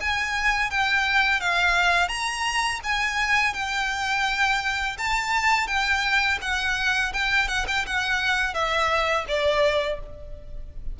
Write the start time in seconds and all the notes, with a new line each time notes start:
0.00 G#5
0.70 G5
1.40 F5
2.08 A#5
2.83 G#5
3.53 G5
4.98 A5
5.67 G5
6.41 F#5
7.13 G5
7.48 F#5
7.67 G5
7.86 F#5
8.54 E5
9.28 D5